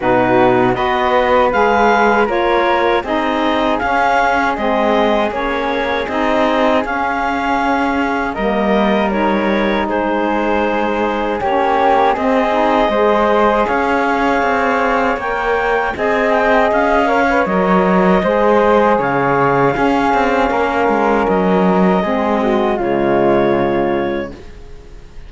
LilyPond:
<<
  \new Staff \with { instrumentName = "clarinet" } { \time 4/4 \tempo 4 = 79 b'4 dis''4 f''4 cis''4 | dis''4 f''4 dis''4 cis''4 | dis''4 f''2 dis''4 | cis''4 c''2 cis''4 |
dis''2 f''2 | g''4 gis''8 g''8 f''4 dis''4~ | dis''4 f''2. | dis''2 cis''2 | }
  \new Staff \with { instrumentName = "flute" } { \time 4/4 fis'4 b'2 ais'4 | gis'1~ | gis'2. ais'4~ | ais'4 gis'2 g'4 |
gis'4 c''4 cis''2~ | cis''4 dis''4. cis''4. | c''4 cis''4 gis'4 ais'4~ | ais'4 gis'8 fis'8 f'2 | }
  \new Staff \with { instrumentName = "saxophone" } { \time 4/4 dis'4 fis'4 gis'4 f'4 | dis'4 cis'4 c'4 cis'4 | dis'4 cis'2 ais4 | dis'2. cis'4 |
c'8 dis'8 gis'2. | ais'4 gis'4. ais'16 b'16 ais'4 | gis'2 cis'2~ | cis'4 c'4 gis2 | }
  \new Staff \with { instrumentName = "cello" } { \time 4/4 b,4 b4 gis4 ais4 | c'4 cis'4 gis4 ais4 | c'4 cis'2 g4~ | g4 gis2 ais4 |
c'4 gis4 cis'4 c'4 | ais4 c'4 cis'4 fis4 | gis4 cis4 cis'8 c'8 ais8 gis8 | fis4 gis4 cis2 | }
>>